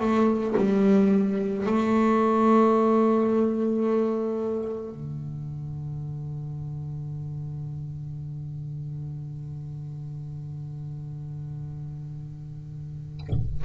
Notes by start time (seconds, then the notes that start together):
0.00 A3
0.58 G3
1.67 A3
4.92 D3